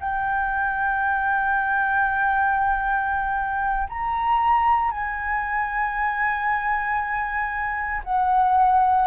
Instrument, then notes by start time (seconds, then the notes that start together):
flute
0.00 G5
3.89 A#5
4.91 G#5
8.04 F#5